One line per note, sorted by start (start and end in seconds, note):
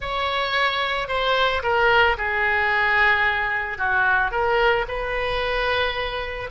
0.00 1.08 C#5
1.08 1.62 C5
1.62 2.16 A#4
2.17 3.77 G#4
3.77 4.31 F#4
4.31 4.85 A#4
4.88 6.50 B4